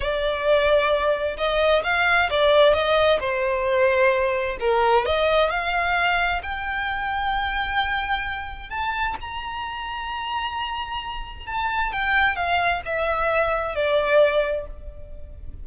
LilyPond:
\new Staff \with { instrumentName = "violin" } { \time 4/4 \tempo 4 = 131 d''2. dis''4 | f''4 d''4 dis''4 c''4~ | c''2 ais'4 dis''4 | f''2 g''2~ |
g''2. a''4 | ais''1~ | ais''4 a''4 g''4 f''4 | e''2 d''2 | }